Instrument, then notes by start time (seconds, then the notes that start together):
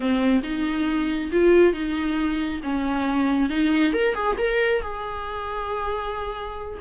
viola
0.00 C4
0.43 D#4
1.32 F4
1.73 D#4
2.63 C#4
3.49 D#4
3.93 A#4
4.14 G#4
4.37 A#4
4.81 G#4